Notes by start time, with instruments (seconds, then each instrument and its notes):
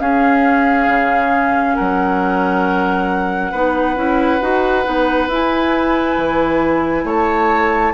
0.00 bassoon C#4, clarinet C#4, oboe G#4, flute F5
0.88 bassoon C#3
1.76 bassoon F#3, oboe A#4, flute F#5
3.52 bassoon B3, clarinet D#4, oboe B4
3.96 bassoon C#4, clarinet E4
4.41 bassoon D#4, clarinet F#4
4.84 bassoon B3, clarinet D#4
5.28 bassoon E4, clarinet E4, flute G#5
6.17 bassoon E3
7.04 bassoon A3, oboe C#5, flute A5